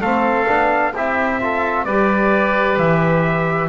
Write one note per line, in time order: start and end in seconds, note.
0.00 0.46 A3
0.00 0.45 C4
0.00 0.92 A4
0.00 0.93 F5
0.45 0.94 B3
0.45 0.91 D4
0.93 1.84 C4
0.93 1.40 E4
0.93 1.39 G4
0.93 1.84 E5
1.40 1.86 F4
1.40 1.85 A4
1.84 2.77 G3
1.84 3.68 G4
1.84 3.68 B4
1.84 2.77 D5
2.77 3.68 E3
2.77 3.68 E5